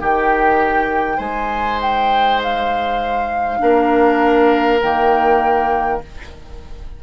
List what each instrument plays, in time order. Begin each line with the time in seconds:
0.00 bassoon D#3, clarinet D#4, oboe G4, flute G5
1.17 bassoon G#3, oboe C5, flute G#5
1.81 flute G5
2.43 flute F5
3.58 bassoon A#3, clarinet D4, oboe A#4
4.80 bassoon D#3, clarinet A#3, flute G5